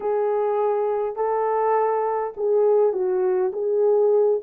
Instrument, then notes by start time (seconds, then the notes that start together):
horn
0.00 G#4
1.16 A4
2.36 G#4
2.92 F#4
3.52 G#4